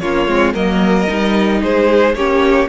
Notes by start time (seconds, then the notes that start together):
0.00 A#3 C#4 F4 C#5
0.27 G#3 C4
0.54 F#3 A#3 A#4 D#5
1.08 G3 D#4
1.62 G#3 G#4 C5
2.15 A#3 C#4 G4 C#5